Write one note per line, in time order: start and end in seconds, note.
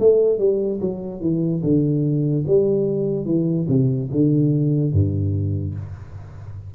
0.00 0.39 A3
0.39 0.80 G3
0.81 1.21 F#3
1.21 1.62 E3
1.63 2.45 D3
2.47 3.26 G3
3.26 3.67 E3
3.69 4.10 C3
4.12 4.93 D3
4.93 5.75 G2